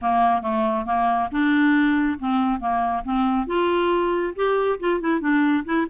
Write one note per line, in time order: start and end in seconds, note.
0.01 0.42 A#3
0.42 0.85 A3
0.85 1.29 A#3
1.31 2.18 D4
2.19 2.59 C4
2.59 3.03 A#3
3.04 3.47 C4
3.47 4.34 F4
4.35 4.79 G4
4.79 5.00 F4
5.00 5.20 E4
5.20 5.63 D4
5.65 5.86 E4